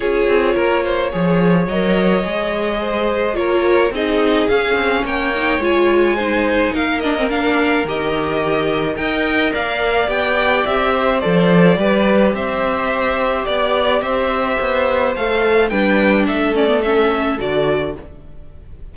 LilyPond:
<<
  \new Staff \with { instrumentName = "violin" } { \time 4/4 \tempo 4 = 107 cis''2. dis''4~ | dis''2 cis''4 dis''4 | f''4 g''4 gis''2 | f''8 dis''8 f''4 dis''2 |
g''4 f''4 g''4 e''4 | d''2 e''2 | d''4 e''2 f''4 | g''4 e''8 d''8 e''4 d''4 | }
  \new Staff \with { instrumentName = "violin" } { \time 4/4 gis'4 ais'8 c''8 cis''2~ | cis''4 c''4 ais'4 gis'4~ | gis'4 cis''2 c''4 | ais'1 |
dis''4 d''2~ d''8 c''8~ | c''4 b'4 c''2 | d''4 c''2. | b'4 a'2. | }
  \new Staff \with { instrumentName = "viola" } { \time 4/4 f'2 gis'4 ais'4 | gis'2 f'4 dis'4 | cis'4. dis'8 f'4 dis'4~ | dis'8 d'16 c'16 d'4 g'2 |
ais'2 g'2 | a'4 g'2.~ | g'2. a'4 | d'4. cis'16 b16 cis'4 fis'4 | }
  \new Staff \with { instrumentName = "cello" } { \time 4/4 cis'8 c'8 ais4 f4 fis4 | gis2 ais4 c'4 | cis'8 c'8 ais4 gis2 | ais2 dis2 |
dis'4 ais4 b4 c'4 | f4 g4 c'2 | b4 c'4 b4 a4 | g4 a2 d4 | }
>>